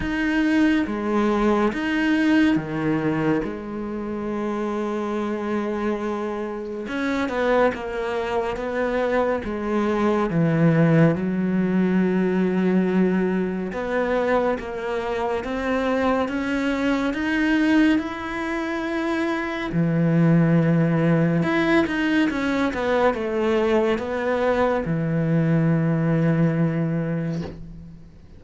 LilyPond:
\new Staff \with { instrumentName = "cello" } { \time 4/4 \tempo 4 = 70 dis'4 gis4 dis'4 dis4 | gis1 | cis'8 b8 ais4 b4 gis4 | e4 fis2. |
b4 ais4 c'4 cis'4 | dis'4 e'2 e4~ | e4 e'8 dis'8 cis'8 b8 a4 | b4 e2. | }